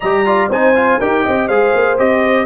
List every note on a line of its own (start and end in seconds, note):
0.00 0.49 G3
0.00 0.25 G4
0.00 0.23 D#5
0.00 0.49 A#5
0.25 0.50 F4
0.25 0.49 D5
0.49 0.98 C4
0.49 0.75 D#4
0.49 0.98 C5
0.49 1.00 G#5
0.75 1.00 F4
0.98 1.25 D#4
0.98 1.50 G4
0.98 1.23 A#4
0.98 1.48 G5
1.23 1.48 C4
1.23 1.47 D#5
1.47 1.73 G#3
1.47 1.97 G#4
1.47 2.45 C5
1.47 1.97 F5
1.74 1.98 A#3
1.97 2.45 C4
1.97 2.45 G4
1.97 2.45 D#5